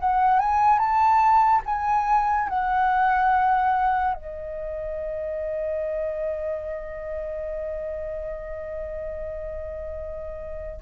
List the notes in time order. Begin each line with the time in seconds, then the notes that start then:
0.00 F#5
0.39 G#5
0.79 A5
1.66 G#5
2.49 F#5
4.14 D#5